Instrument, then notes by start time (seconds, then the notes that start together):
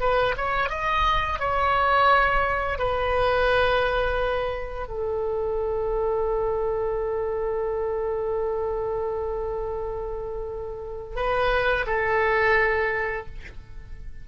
oboe
0.00 B4
0.37 C#5
0.69 D#5
1.39 C#5
2.78 B4
4.88 A4
11.16 B4
11.87 A4